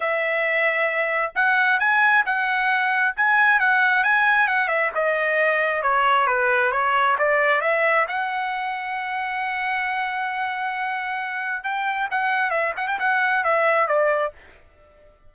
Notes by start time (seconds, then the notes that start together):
0.00 E5
1.35 F#5
1.79 G#5
2.25 F#5
3.16 G#5
3.59 F#5
4.03 G#5
4.47 F#5
4.68 E5
4.94 D#5
5.82 C#5
6.26 B4
6.71 C#5
7.18 D5
7.61 E5
8.07 F#5
11.63 G5
12.10 F#5
12.50 E5
12.76 F#5
12.87 G5
12.99 F#5
13.44 E5
13.87 D5